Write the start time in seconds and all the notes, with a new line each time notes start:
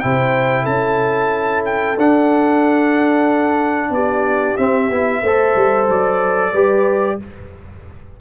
0.00 C3 E4 C5 G5
0.63 C#4 A4 A5
1.65 G5
1.97 D4 F#5
3.90 B3 G4 D5
4.57 C4 E5
4.90 B3 E4
5.22 A3 A4 C5
5.55 G3
5.89 F#3 D5
6.52 G3 G4 B4